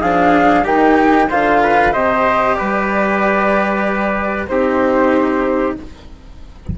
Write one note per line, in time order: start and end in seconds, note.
0.00 0.64 F3
0.00 0.64 D4
0.00 0.64 G#4
0.00 0.65 F5
0.64 1.28 D#3
0.64 1.28 D#4
0.64 1.27 G4
0.64 1.30 G5
1.29 1.94 D3
1.29 1.92 F4
1.29 1.61 C5
1.29 1.92 F5
1.62 1.92 B4
1.92 2.58 C3
1.92 4.47 G4
1.92 2.56 C5
1.92 2.54 D#5
2.54 4.49 G3
2.54 4.49 B4
2.54 4.46 D5
4.47 5.76 C4
4.47 5.75 D#4
4.47 5.78 G4
4.47 5.75 C5